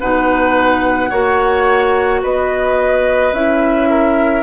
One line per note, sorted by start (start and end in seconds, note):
0.00 1.11 B2
0.00 1.11 D#4
0.00 1.10 B4
0.00 2.22 F#5
1.10 2.22 A#3
1.10 3.33 F#4
1.10 2.21 C#5
2.22 3.32 B3
2.22 3.89 B4
2.22 3.33 D#5
3.32 4.42 C#4
3.32 4.42 E4
3.32 4.42 E5
3.90 4.42 A#4